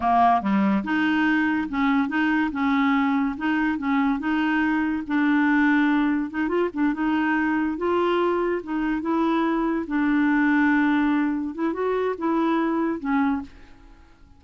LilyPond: \new Staff \with { instrumentName = "clarinet" } { \time 4/4 \tempo 4 = 143 ais4 g4 dis'2 | cis'4 dis'4 cis'2 | dis'4 cis'4 dis'2 | d'2. dis'8 f'8 |
d'8 dis'2 f'4.~ | f'8 dis'4 e'2 d'8~ | d'2.~ d'8 e'8 | fis'4 e'2 cis'4 | }